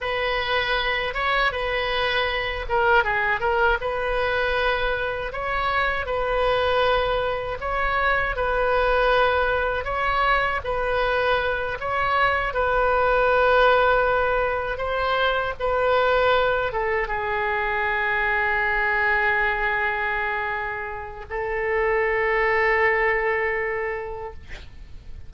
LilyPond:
\new Staff \with { instrumentName = "oboe" } { \time 4/4 \tempo 4 = 79 b'4. cis''8 b'4. ais'8 | gis'8 ais'8 b'2 cis''4 | b'2 cis''4 b'4~ | b'4 cis''4 b'4. cis''8~ |
cis''8 b'2. c''8~ | c''8 b'4. a'8 gis'4.~ | gis'1 | a'1 | }